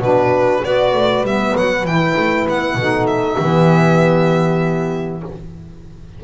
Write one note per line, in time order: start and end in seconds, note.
0.00 0.61 B2
0.00 0.64 D4
0.00 0.62 F#4
0.00 0.65 B4
0.62 0.94 B3
0.62 1.26 F#4
0.62 2.77 B4
0.62 1.26 D5
0.94 1.23 A3
1.23 1.53 G3
1.23 1.87 B3
1.23 1.57 E5
1.57 1.84 F#3
1.57 1.86 F#5
1.84 2.15 E3
1.84 2.79 E4
1.84 2.48 G5
2.17 2.48 A3
2.48 2.75 B3
2.48 3.07 F#5
2.75 3.37 B2
2.75 3.40 D#4
2.75 3.40 A4
3.07 5.21 E5
3.40 5.24 E3
3.40 5.24 B3
3.40 5.23 G4